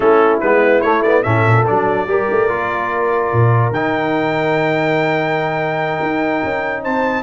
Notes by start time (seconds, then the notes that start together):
0.00 A3 C#4 E4 A4
0.40 G#3 B3 B4
0.81 A3 C#5
1.02 B3 D5
1.22 A2 C#4 A4 E5
1.45 A#2
1.66 F#3 D4 D5
2.06 G3 G4 A#4
2.30 A3
2.48 A#3 F4
3.32 A#2
3.70 D#3 D#4 G5
6.02 D#4
6.44 C#4
6.83 C4 C5 A5